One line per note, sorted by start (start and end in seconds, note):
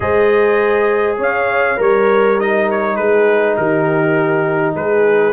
0.00 1.18 G#3
0.00 1.77 G#4
0.00 1.18 C5
0.00 1.17 D#5
1.18 1.77 C#4
1.18 1.76 C#5
1.18 1.81 F5
1.76 2.96 G3
1.76 2.95 A#4
1.76 2.36 A#4
1.76 2.39 C#5
2.39 5.33 D#4
2.39 2.69 D#5
2.70 2.96 C#5
2.96 3.56 G#3
2.96 3.56 G#4
2.96 3.55 B4
3.56 4.74 D#3
3.56 4.75 G4
3.56 4.75 A#4
4.74 5.33 G#3
4.74 5.33 G#4
4.74 5.33 B4